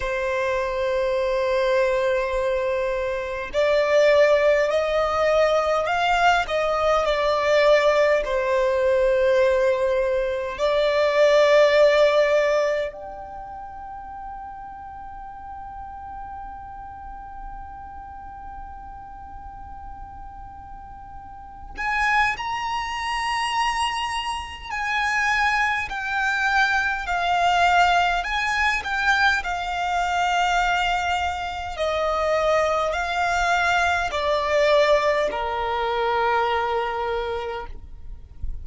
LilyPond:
\new Staff \with { instrumentName = "violin" } { \time 4/4 \tempo 4 = 51 c''2. d''4 | dis''4 f''8 dis''8 d''4 c''4~ | c''4 d''2 g''4~ | g''1~ |
g''2~ g''8 gis''8 ais''4~ | ais''4 gis''4 g''4 f''4 | gis''8 g''8 f''2 dis''4 | f''4 d''4 ais'2 | }